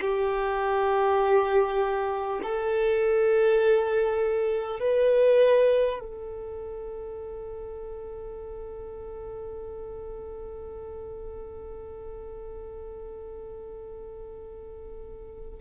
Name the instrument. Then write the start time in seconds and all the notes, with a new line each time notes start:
violin
0.00 G4
2.42 A4
4.79 B4
5.99 A4